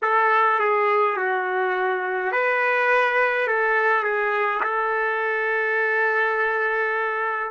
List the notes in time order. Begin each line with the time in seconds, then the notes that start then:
0.02 A4
0.59 G#4
1.16 F#4
2.31 B4
3.47 A4
4.03 G#4
4.63 A4